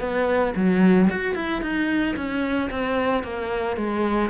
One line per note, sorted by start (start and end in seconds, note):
0.00 0.54 B3
0.56 1.09 F#3
1.10 1.35 F#4
1.35 1.61 E4
1.61 2.15 D#4
2.16 2.70 C#4
2.70 3.23 C4
3.23 3.76 A#3
3.76 4.30 G#3